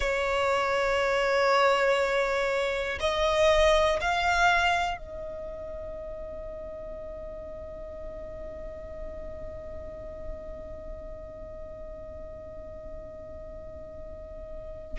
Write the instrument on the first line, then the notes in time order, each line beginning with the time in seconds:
violin
0.00 C#5
3.00 D#5
4.00 F5
4.97 D#5